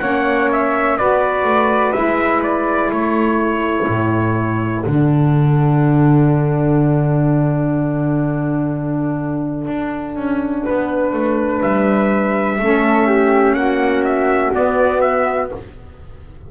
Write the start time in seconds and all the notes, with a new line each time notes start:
0.00 A#3 C#4 C#5 F#5
0.52 E5
0.97 B3 F#4 B4 D5
1.44 A3
1.92 G#3 E4 E5
2.43 D5
2.90 A3 A4 C#5
3.88 A2
4.85 D3 D4 F#5
9.67 D4
10.15 C#4
10.64 B3 B4
11.12 A3
11.62 G3 E5
12.58 A3 C#4 A4
13.07 G4
13.53 A#3 F#4 F#5
14.04 E5
14.53 B3 D5
15.01 E5